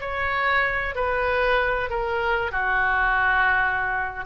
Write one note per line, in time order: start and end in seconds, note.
0.00 0.95 C#5
0.95 1.89 B4
1.89 2.51 A#4
2.51 4.25 F#4